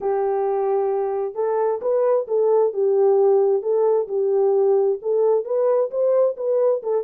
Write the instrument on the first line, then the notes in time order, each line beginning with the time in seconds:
horn
0.00 G4
1.35 A4
1.81 B4
2.27 A4
2.73 G4
3.62 A4
4.07 G4
5.02 A4
5.44 B4
5.90 C5
6.36 B4
6.82 A4